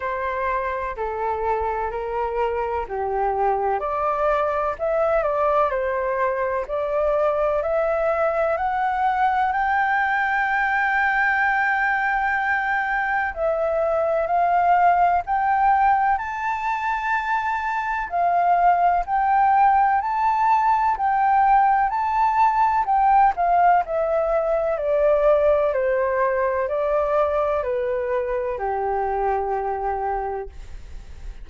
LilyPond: \new Staff \with { instrumentName = "flute" } { \time 4/4 \tempo 4 = 63 c''4 a'4 ais'4 g'4 | d''4 e''8 d''8 c''4 d''4 | e''4 fis''4 g''2~ | g''2 e''4 f''4 |
g''4 a''2 f''4 | g''4 a''4 g''4 a''4 | g''8 f''8 e''4 d''4 c''4 | d''4 b'4 g'2 | }